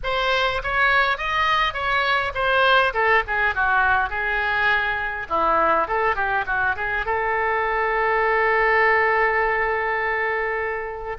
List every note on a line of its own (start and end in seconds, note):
0.03 0.61 C5
0.63 1.17 C#5
1.17 1.73 D#5
1.73 2.32 C#5
2.34 2.93 C5
2.93 3.23 A4
3.27 3.55 G#4
3.55 4.09 F#4
4.09 5.27 G#4
5.29 5.87 E4
5.87 6.15 A4
6.15 6.44 G4
6.46 6.75 F#4
6.76 7.05 G#4
7.05 11.17 A4